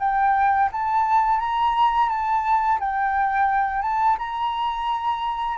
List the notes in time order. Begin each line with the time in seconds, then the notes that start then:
0.00 G5
0.73 A5
1.40 A#5
2.10 A5
2.80 G5
3.83 A5
4.19 A#5